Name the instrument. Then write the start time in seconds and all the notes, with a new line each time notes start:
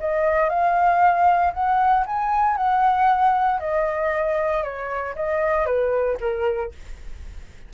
flute
0.00 D#5
0.49 F5
1.53 F#5
2.06 G#5
2.57 F#5
3.60 D#5
4.63 C#5
5.15 D#5
5.66 B4
6.20 A#4